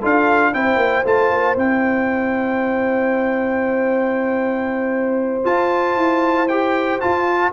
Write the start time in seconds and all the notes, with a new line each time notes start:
0.00 D4 F4 A4 F5
0.53 C4 E4 C5 G5
0.76 A#3
1.05 A3 F4 A5
1.30 A#3
1.56 C4 E4 G5
5.44 F4 A5
5.96 E4
6.48 G4 G5
7.00 F4 A5